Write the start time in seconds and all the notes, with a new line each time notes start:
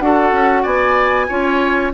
0.00 D4 F#4 A4 F#5
0.32 C#4
0.63 B3 D5 G#5
1.29 C#4 F4 C#5